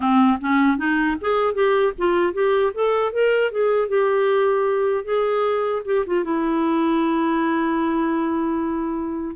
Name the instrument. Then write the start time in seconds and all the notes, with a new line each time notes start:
clarinet
0.00 C4
0.40 C#4
0.77 D#4
1.20 G#4
1.54 G4
1.97 F4
2.33 G4
2.74 A4
3.12 A#4
3.51 G#4
3.88 G4
5.04 G#4
5.85 G4
6.06 F4
6.23 E4